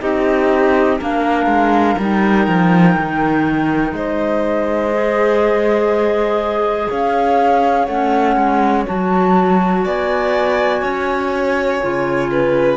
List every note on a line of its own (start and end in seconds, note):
0.00 1.00 C4
0.00 0.98 D#4
0.00 0.99 G4
0.00 0.99 D#5
0.99 1.46 A#3
0.99 1.98 D4
0.99 3.94 A#4
0.99 2.00 F5
1.46 1.95 G#3
1.98 2.47 G3
1.98 4.93 D#4
1.98 3.94 G5
2.47 2.96 F3
2.97 3.92 D#3
3.92 6.87 G#3
3.92 6.89 C5
3.92 6.89 D#5
4.93 7.88 G#4
6.89 7.87 C#4
6.89 9.84 C#5
6.89 7.84 F5
7.84 8.36 A3
7.84 8.86 C#4
7.84 8.83 F#5
8.36 8.85 G#3
8.86 9.85 F#3
8.86 11.81 F#4
8.86 9.84 A5
9.84 10.82 B3
9.84 10.82 D5
9.84 12.76 G#5
10.82 11.80 C#4
10.82 12.30 C#5
11.82 12.76 C#3
11.82 12.76 F4
12.31 12.76 B4